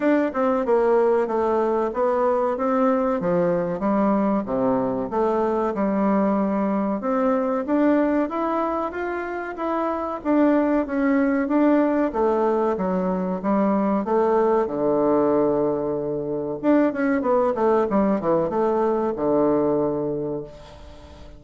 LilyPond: \new Staff \with { instrumentName = "bassoon" } { \time 4/4 \tempo 4 = 94 d'8 c'8 ais4 a4 b4 | c'4 f4 g4 c4 | a4 g2 c'4 | d'4 e'4 f'4 e'4 |
d'4 cis'4 d'4 a4 | fis4 g4 a4 d4~ | d2 d'8 cis'8 b8 a8 | g8 e8 a4 d2 | }